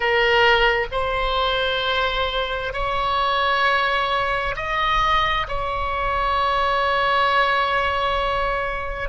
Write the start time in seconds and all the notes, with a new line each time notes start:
0.00 A#4
0.91 C5
2.73 C#5
4.55 D#5
5.48 C#5